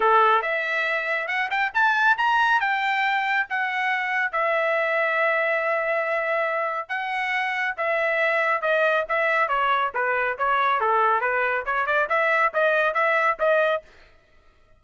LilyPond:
\new Staff \with { instrumentName = "trumpet" } { \time 4/4 \tempo 4 = 139 a'4 e''2 fis''8 g''8 | a''4 ais''4 g''2 | fis''2 e''2~ | e''1 |
fis''2 e''2 | dis''4 e''4 cis''4 b'4 | cis''4 a'4 b'4 cis''8 d''8 | e''4 dis''4 e''4 dis''4 | }